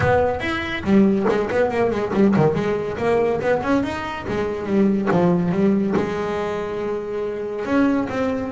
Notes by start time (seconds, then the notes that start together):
0.00 B3
0.40 E4
0.83 G3
1.28 G#3
1.50 B3
1.70 A#3
1.90 G#3
2.13 G3
2.36 D#3
2.54 G#3
2.97 A#3
3.40 B3
3.63 C#4
3.83 D#4
4.28 G#3
4.66 G3
5.11 F3
5.51 G3
5.96 G#3
7.65 C#4
8.09 C4